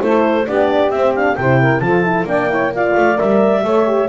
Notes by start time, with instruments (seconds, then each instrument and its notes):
0.00 double bass A3, horn E4, saxophone A4, clarinet C5
0.46 double bass B3, horn D4, saxophone G4, clarinet D5
0.90 double bass C4, horn C4, clarinet E5
1.15 horn D4, clarinet F5
1.36 double bass C3, horn E4, saxophone C5, clarinet G5
1.60 saxophone A#4
1.80 double bass F3, horn F4, saxophone A4, clarinet A5
2.03 horn E4
2.24 double bass A#3, horn D4, saxophone D5, clarinet G5
2.49 horn E4, saxophone C#5
2.74 horn F4, saxophone D5, clarinet F5
2.96 double bass A3
3.16 double bass G3, horn A#4, clarinet E5
3.63 double bass A3, horn A4, saxophone C#5
3.86 horn G4